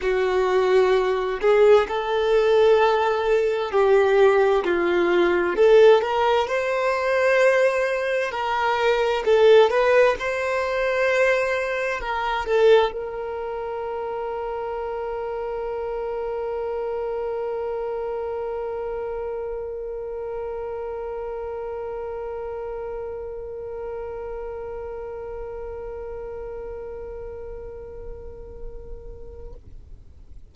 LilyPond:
\new Staff \with { instrumentName = "violin" } { \time 4/4 \tempo 4 = 65 fis'4. gis'8 a'2 | g'4 f'4 a'8 ais'8 c''4~ | c''4 ais'4 a'8 b'8 c''4~ | c''4 ais'8 a'8 ais'2~ |
ais'1~ | ais'1~ | ais'1~ | ais'1 | }